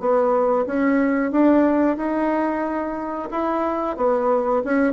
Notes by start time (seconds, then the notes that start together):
0.00 B3
0.66 C#4
1.32 D4
1.97 D#4
3.31 E4
3.97 B3
4.65 C#4